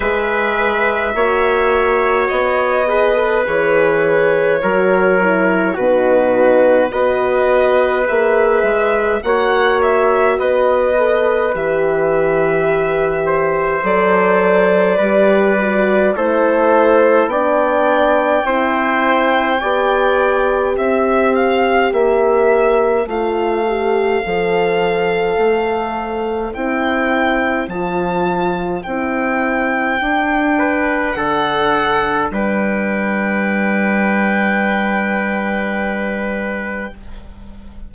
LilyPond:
<<
  \new Staff \with { instrumentName = "violin" } { \time 4/4 \tempo 4 = 52 e''2 dis''4 cis''4~ | cis''4 b'4 dis''4 e''4 | fis''8 e''8 dis''4 e''2 | d''2 c''4 g''4~ |
g''2 e''8 f''8 e''4 | f''2. g''4 | a''4 g''2 fis''4 | g''1 | }
  \new Staff \with { instrumentName = "trumpet" } { \time 4/4 b'4 cis''4. b'4. | ais'4 fis'4 b'2 | cis''4 b'2~ b'8 c''8~ | c''4 b'4 a'4 d''4 |
c''4 d''4 c''2~ | c''1~ | c''2~ c''8 b'8 a'4 | b'1 | }
  \new Staff \with { instrumentName = "horn" } { \time 4/4 gis'4 fis'4. gis'16 a'16 gis'4 | fis'8 e'8 dis'4 fis'4 gis'4 | fis'4. a'8 g'2 | a'4 g'8 fis'8 e'4 d'4 |
e'4 g'2. | f'8 g'8 a'2 e'4 | f'4 e'4 d'2~ | d'1 | }
  \new Staff \with { instrumentName = "bassoon" } { \time 4/4 gis4 ais4 b4 e4 | fis4 b,4 b4 ais8 gis8 | ais4 b4 e2 | fis4 g4 a4 b4 |
c'4 b4 c'4 ais4 | a4 f4 a4 c'4 | f4 c'4 d'4 d4 | g1 | }
>>